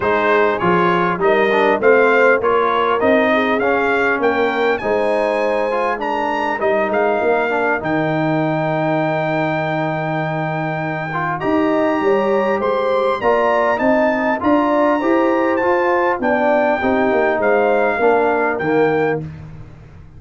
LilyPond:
<<
  \new Staff \with { instrumentName = "trumpet" } { \time 4/4 \tempo 4 = 100 c''4 cis''4 dis''4 f''4 | cis''4 dis''4 f''4 g''4 | gis''2 ais''4 dis''8 f''8~ | f''4 g''2.~ |
g''2. ais''4~ | ais''4 c'''4 ais''4 a''4 | ais''2 a''4 g''4~ | g''4 f''2 g''4 | }
  \new Staff \with { instrumentName = "horn" } { \time 4/4 gis'2 ais'4 c''4 | ais'4. gis'4. ais'4 | c''2 ais'2~ | ais'1~ |
ais'2. dis''4 | cis''4 c''4 d''4 dis''4 | d''4 c''2 d''4 | g'4 c''4 ais'2 | }
  \new Staff \with { instrumentName = "trombone" } { \time 4/4 dis'4 f'4 dis'8 d'8 c'4 | f'4 dis'4 cis'2 | dis'4. f'8 d'4 dis'4~ | dis'8 d'8 dis'2.~ |
dis'2~ dis'8 f'8 g'4~ | g'2 f'4 dis'4 | f'4 g'4 f'4 d'4 | dis'2 d'4 ais4 | }
  \new Staff \with { instrumentName = "tuba" } { \time 4/4 gis4 f4 g4 a4 | ais4 c'4 cis'4 ais4 | gis2. g8 gis8 | ais4 dis2.~ |
dis2. dis'4 | g4 gis4 ais4 c'4 | d'4 e'4 f'4 b4 | c'8 ais8 gis4 ais4 dis4 | }
>>